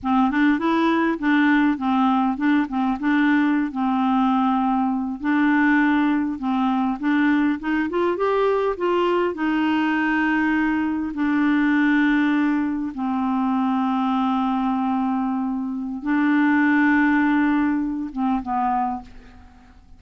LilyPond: \new Staff \with { instrumentName = "clarinet" } { \time 4/4 \tempo 4 = 101 c'8 d'8 e'4 d'4 c'4 | d'8 c'8 d'4~ d'16 c'4.~ c'16~ | c'8. d'2 c'4 d'16~ | d'8. dis'8 f'8 g'4 f'4 dis'16~ |
dis'2~ dis'8. d'4~ d'16~ | d'4.~ d'16 c'2~ c'16~ | c'2. d'4~ | d'2~ d'8 c'8 b4 | }